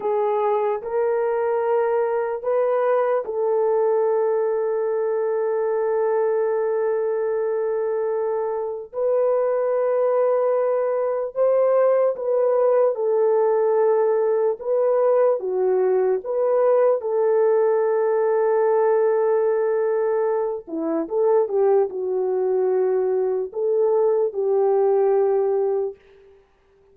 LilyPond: \new Staff \with { instrumentName = "horn" } { \time 4/4 \tempo 4 = 74 gis'4 ais'2 b'4 | a'1~ | a'2. b'4~ | b'2 c''4 b'4 |
a'2 b'4 fis'4 | b'4 a'2.~ | a'4. e'8 a'8 g'8 fis'4~ | fis'4 a'4 g'2 | }